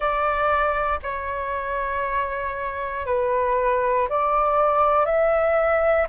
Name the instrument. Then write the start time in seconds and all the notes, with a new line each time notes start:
flute
0.00 D5
1.03 C#5
3.06 B4
4.09 D5
5.05 E5